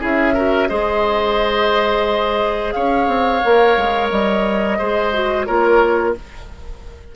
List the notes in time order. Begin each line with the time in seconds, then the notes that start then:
0.00 C#4 E4 G#4 E5
0.34 F#4 A#4
0.68 G#3 G#4 C5 D#5
2.73 C#4 C#5 F5
3.08 C4
3.45 A#3 A#4
3.77 G#3
4.10 G3 D#5
4.78 G#3 G#4 C5
5.13 F#4
5.46 A#3 F4 A#4 C#5